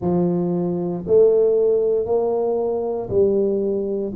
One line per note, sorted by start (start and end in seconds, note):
0.01 1.04 F3
1.06 2.05 A3
2.05 3.09 A#3
3.09 4.12 G3